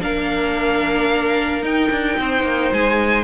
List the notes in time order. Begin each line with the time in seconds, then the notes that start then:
0.00 A#3 D4 A#4 F5
1.62 D#4 G5
1.90 D4
2.18 C4 C5
2.42 A#3
2.72 G#3 G#5